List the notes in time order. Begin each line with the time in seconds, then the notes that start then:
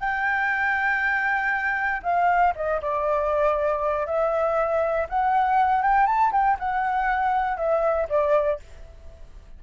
0.00 G5
2.03 F5
2.56 D#5
2.82 D5
4.06 E5
5.09 F#5
5.82 G5
6.06 A5
6.32 G5
6.59 F#5
7.57 E5
8.09 D5